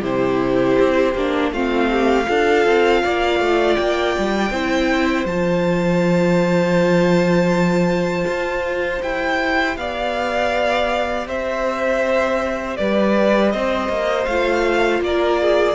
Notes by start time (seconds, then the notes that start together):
0.00 C3 E4 G4 C5
0.79 C4
1.15 A#3 D4
1.51 A3 C4 F4 F5
1.91 G4
2.24 D4 F4 A4
2.66 C4
3.03 A#3 D5
3.39 A3
3.75 A#3 G5
4.18 G3
4.51 C4 E4 C5
5.25 F3 F4 A5
8.26 F4
9.02 E4 G4 G5
9.77 B3 D5 F5
11.27 C4 C5 E5
12.77 G3 B4 D5
13.51 C4 C5 D#5
13.88 A#3
14.25 A3 F4 F5
15.00 A#3 A#4 D5
15.41 G#4